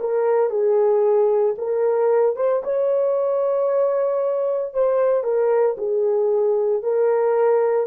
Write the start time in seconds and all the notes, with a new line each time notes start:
0.00 A#4
0.50 G#4
1.58 A#4
2.36 C5
2.64 C#5
4.74 C5
5.23 A#4
5.78 G#4
6.83 A#4